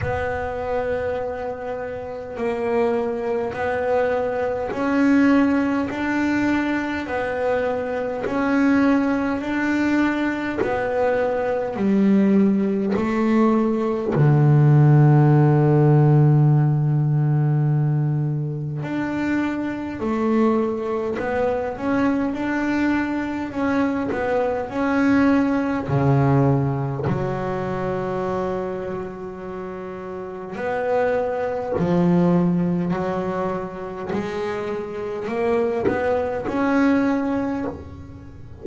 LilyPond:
\new Staff \with { instrumentName = "double bass" } { \time 4/4 \tempo 4 = 51 b2 ais4 b4 | cis'4 d'4 b4 cis'4 | d'4 b4 g4 a4 | d1 |
d'4 a4 b8 cis'8 d'4 | cis'8 b8 cis'4 cis4 fis4~ | fis2 b4 f4 | fis4 gis4 ais8 b8 cis'4 | }